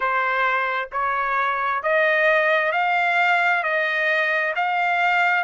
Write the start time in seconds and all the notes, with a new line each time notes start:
0.00 C5
0.92 C#5
1.83 D#5
2.72 F5
3.63 D#5
4.55 F5